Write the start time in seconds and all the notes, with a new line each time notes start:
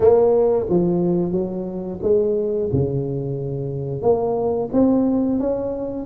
0.00 A#3
0.69 F3
1.31 F#3
2.02 G#3
2.72 C#3
4.01 A#3
4.72 C4
5.39 C#4